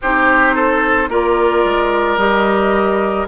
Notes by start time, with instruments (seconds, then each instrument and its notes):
0.01 bassoon C4, clarinet D#4, oboe G4, flute C5
0.54 oboe A4
1.08 bassoon A#3, clarinet F4, oboe A#4, flute D5
1.64 bassoon G#3
2.17 bassoon G3, clarinet G4, flute D#5